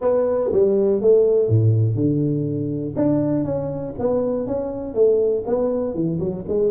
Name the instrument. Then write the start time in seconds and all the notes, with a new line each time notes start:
tuba
0.01 B3
0.52 G3
1.01 A3
1.48 A2
1.95 D3
2.96 D4
3.44 C#4
3.98 B3
4.47 C#4
4.94 A3
5.46 B3
5.94 E3
6.19 F#3
6.47 G#3